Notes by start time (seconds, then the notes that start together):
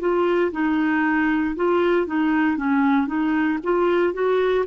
0.00 F4
0.52 D#4
1.56 F4
2.07 D#4
2.58 C#4
3.07 D#4
3.63 F4
4.13 F#4